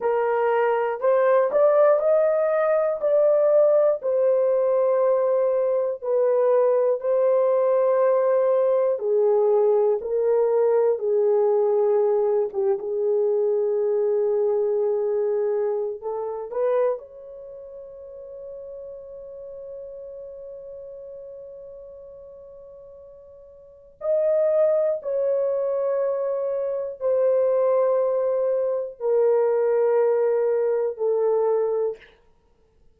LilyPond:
\new Staff \with { instrumentName = "horn" } { \time 4/4 \tempo 4 = 60 ais'4 c''8 d''8 dis''4 d''4 | c''2 b'4 c''4~ | c''4 gis'4 ais'4 gis'4~ | gis'8 g'16 gis'2.~ gis'16 |
a'8 b'8 cis''2.~ | cis''1 | dis''4 cis''2 c''4~ | c''4 ais'2 a'4 | }